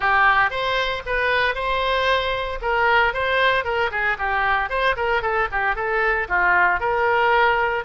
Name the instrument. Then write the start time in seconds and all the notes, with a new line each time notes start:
oboe
0.00 G4
0.50 C5
1.06 B4
1.55 C5
2.61 A#4
3.13 C5
3.64 A#4
3.91 G#4
4.18 G4
4.69 C5
4.96 A#4
5.22 A4
5.51 G4
5.75 A4
6.28 F4
6.79 A#4